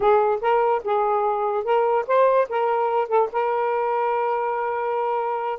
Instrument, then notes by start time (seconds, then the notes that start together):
saxophone
0.00 G#4
0.41 A#4
0.84 G#4
1.64 A#4
2.07 C5
2.49 A#4
3.08 A4
3.32 A#4